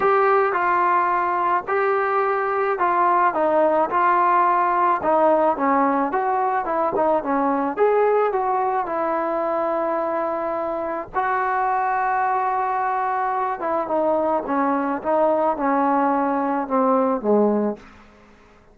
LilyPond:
\new Staff \with { instrumentName = "trombone" } { \time 4/4 \tempo 4 = 108 g'4 f'2 g'4~ | g'4 f'4 dis'4 f'4~ | f'4 dis'4 cis'4 fis'4 | e'8 dis'8 cis'4 gis'4 fis'4 |
e'1 | fis'1~ | fis'8 e'8 dis'4 cis'4 dis'4 | cis'2 c'4 gis4 | }